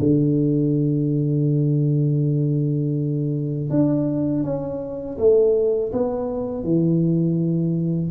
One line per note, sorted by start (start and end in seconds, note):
0.00 3.70 D3
3.70 4.44 D4
4.44 5.18 C#4
5.19 5.93 A3
5.93 6.64 B3
6.64 8.12 E3